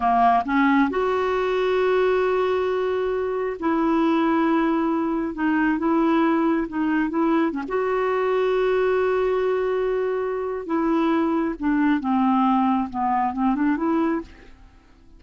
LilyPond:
\new Staff \with { instrumentName = "clarinet" } { \time 4/4 \tempo 4 = 135 ais4 cis'4 fis'2~ | fis'1 | e'1 | dis'4 e'2 dis'4 |
e'4 cis'16 fis'2~ fis'8.~ | fis'1 | e'2 d'4 c'4~ | c'4 b4 c'8 d'8 e'4 | }